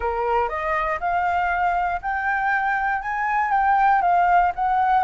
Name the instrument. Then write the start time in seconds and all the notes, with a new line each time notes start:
flute
0.00 A#4
0.48 D#5
0.99 F5
2.01 G5
3.01 G#5
3.51 G5
4.01 F5
4.55 F#5